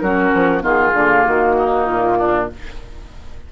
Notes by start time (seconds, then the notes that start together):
0.00 F#3 C#4 F#4 A#4
0.34 F3
0.60 D#3 B3 F4 G#4
0.94 D3 A#3
1.26 D#3 F#4
1.59 D#4
1.85 A#2 F4
2.18 D4